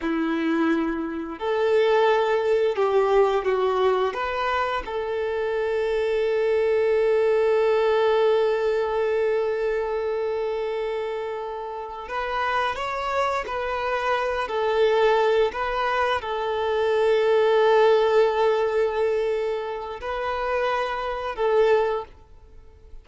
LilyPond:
\new Staff \with { instrumentName = "violin" } { \time 4/4 \tempo 4 = 87 e'2 a'2 | g'4 fis'4 b'4 a'4~ | a'1~ | a'1~ |
a'4. b'4 cis''4 b'8~ | b'4 a'4. b'4 a'8~ | a'1~ | a'4 b'2 a'4 | }